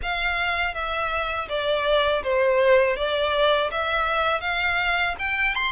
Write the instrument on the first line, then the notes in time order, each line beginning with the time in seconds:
violin
0.02 F5
0.74 E5
1.48 D5
2.23 C5
2.96 D5
3.71 E5
4.41 F5
5.18 G5
5.55 C6